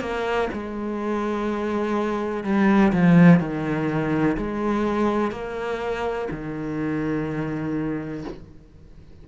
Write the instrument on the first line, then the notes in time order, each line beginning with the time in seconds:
cello
0.00 A#3
0.52 G#3
2.43 G3
2.93 F3
3.40 D#3
4.37 G#3
5.31 A#3
6.30 D#3